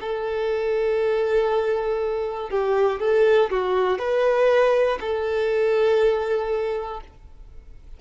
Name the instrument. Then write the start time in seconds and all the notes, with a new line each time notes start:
violin
0.00 A4
2.50 G4
3.00 A4
3.50 F#4
3.99 B4
5.00 A4